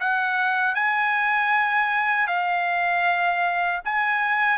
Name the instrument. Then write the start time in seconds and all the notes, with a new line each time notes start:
trumpet
0.00 F#5
0.75 G#5
2.28 F5
3.85 G#5